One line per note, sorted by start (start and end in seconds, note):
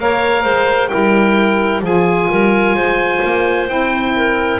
0.00 0.45 A#3
0.00 0.90 A#4
0.00 0.44 C#5
0.00 0.89 F5
0.44 0.91 G#3
0.44 0.90 C5
0.89 1.82 G3
0.89 1.82 E4
0.89 1.83 A#4
0.89 1.81 G5
1.82 2.28 F3
1.82 3.68 F4
1.82 2.30 G#4
1.82 3.69 G#5
2.30 2.73 G3
2.30 2.76 A#4
2.73 3.20 G#3
2.73 4.15 C5
3.25 3.70 A#3
3.68 4.60 C4
3.68 4.60 E4
3.68 4.60 G5
4.16 4.60 A#4